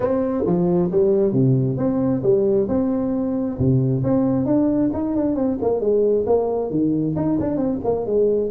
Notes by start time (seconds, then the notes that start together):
0.00 C4
0.46 F3
0.91 G3
1.32 C3
1.77 C4
2.22 G3
2.68 C4
3.58 C3
4.03 C4
4.45 D4
4.93 D#4
5.15 D4
5.35 C4
5.61 A#3
5.80 G#3
6.26 A#3
6.70 D#3
7.15 D#4
7.40 D4
7.57 C4
7.84 A#3
8.06 G#3